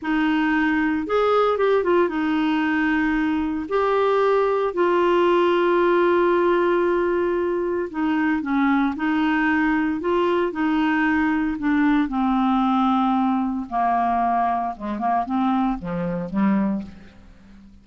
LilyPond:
\new Staff \with { instrumentName = "clarinet" } { \time 4/4 \tempo 4 = 114 dis'2 gis'4 g'8 f'8 | dis'2. g'4~ | g'4 f'2.~ | f'2. dis'4 |
cis'4 dis'2 f'4 | dis'2 d'4 c'4~ | c'2 ais2 | gis8 ais8 c'4 f4 g4 | }